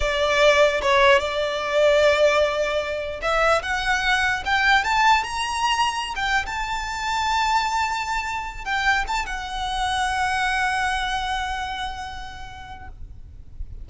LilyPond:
\new Staff \with { instrumentName = "violin" } { \time 4/4 \tempo 4 = 149 d''2 cis''4 d''4~ | d''1 | e''4 fis''2 g''4 | a''4 ais''2~ ais''16 g''8. |
a''1~ | a''4. g''4 a''8 fis''4~ | fis''1~ | fis''1 | }